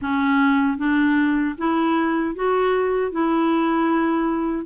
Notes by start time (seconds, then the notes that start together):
0.01 C#4
0.77 D4
1.58 E4
2.35 F#4
3.11 E4